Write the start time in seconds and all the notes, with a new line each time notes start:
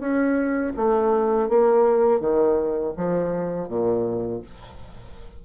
0.00 C#4
0.77 A3
1.49 A#3
2.21 D#3
2.97 F3
3.69 A#2